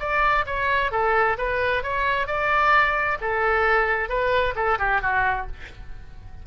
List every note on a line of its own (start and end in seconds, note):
0.00 0.45 D5
0.47 0.92 C#5
0.92 1.37 A4
1.38 1.83 B4
1.83 2.27 C#5
2.27 3.18 D5
3.21 4.09 A4
4.09 4.55 B4
4.56 4.79 A4
4.79 5.02 G4
5.02 5.47 F#4